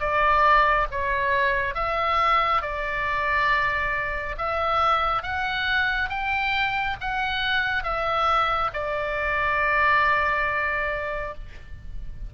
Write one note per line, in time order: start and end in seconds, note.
0.00 0.87 D5
0.91 1.75 C#5
1.75 2.62 E5
2.62 4.36 D5
4.38 5.23 E5
5.23 6.09 F#5
6.09 6.96 G5
7.01 7.83 F#5
7.83 8.70 E5
8.74 11.34 D5